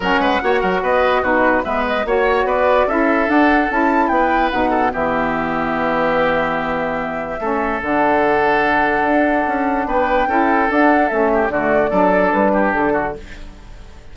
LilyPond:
<<
  \new Staff \with { instrumentName = "flute" } { \time 4/4 \tempo 4 = 146 fis''2 dis''4 b'4 | e''8 dis''8 cis''4 d''4 e''4 | fis''4 a''4 g''4 fis''4 | e''1~ |
e''2. fis''4~ | fis''1 | g''2 fis''4 e''4 | d''2 b'4 a'4 | }
  \new Staff \with { instrumentName = "oboe" } { \time 4/4 ais'8 b'8 cis''8 ais'8 b'4 fis'4 | b'4 cis''4 b'4 a'4~ | a'2 b'4. a'8 | g'1~ |
g'2 a'2~ | a'1 | b'4 a'2~ a'8 g'8 | fis'4 a'4. g'4 fis'8 | }
  \new Staff \with { instrumentName = "saxophone" } { \time 4/4 cis'4 fis'2 dis'4 | b4 fis'2 e'4 | d'4 e'2 dis'4 | b1~ |
b2 cis'4 d'4~ | d'1~ | d'4 e'4 d'4 cis'4 | a4 d'2. | }
  \new Staff \with { instrumentName = "bassoon" } { \time 4/4 fis8 gis8 ais8 fis8 b4 b,4 | gis4 ais4 b4 cis'4 | d'4 cis'4 b4 b,4 | e1~ |
e2 a4 d4~ | d2 d'4 cis'4 | b4 cis'4 d'4 a4 | d4 fis4 g4 d4 | }
>>